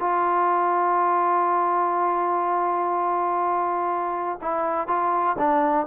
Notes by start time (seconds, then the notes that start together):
0.00 F4
4.42 E4
4.88 F4
5.39 D4